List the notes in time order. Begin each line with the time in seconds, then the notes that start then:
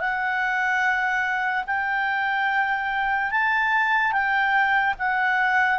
0.00 F#5
1.67 G5
3.31 A5
4.12 G5
4.99 F#5